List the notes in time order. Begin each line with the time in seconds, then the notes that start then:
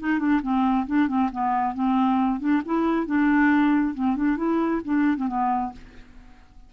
0.00 D#4
0.19 D4
0.42 C4
0.87 D4
1.08 C4
1.32 B3
1.74 C4
2.40 D4
2.66 E4
3.06 D4
3.94 C4
4.17 D4
4.37 E4
4.85 D4
5.17 C4
5.28 B3